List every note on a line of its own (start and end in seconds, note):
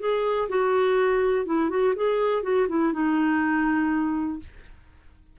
0.00 0.49 G#4
0.49 1.46 F#4
1.46 1.70 E4
1.70 1.95 F#4
1.96 2.43 G#4
2.43 2.68 F#4
2.69 2.93 E4
2.93 4.40 D#4